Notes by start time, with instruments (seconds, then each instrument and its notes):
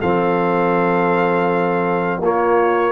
0.00 tuba F3, trombone C4, horn A4, trumpet F5
2.19 tuba A#3, trombone A#3, horn F4, trumpet C#5